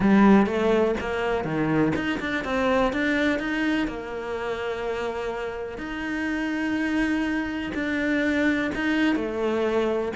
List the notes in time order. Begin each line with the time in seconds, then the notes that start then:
0.00 G3
0.46 A3
1.00 A#3
1.44 D#3
1.95 D#4
2.20 D4
2.44 C4
2.93 D4
3.39 D#4
3.87 A#3
5.78 D#4
7.74 D4
8.74 D#4
9.15 A3